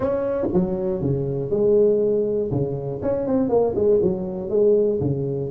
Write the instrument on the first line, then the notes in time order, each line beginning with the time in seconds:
tuba
0.00 C#4
0.53 F#3
1.01 C#3
1.50 G#3
2.51 C#3
3.02 C#4
3.26 C4
3.49 A#3
3.75 G#3
4.02 F#3
4.49 G#3
5.00 C#3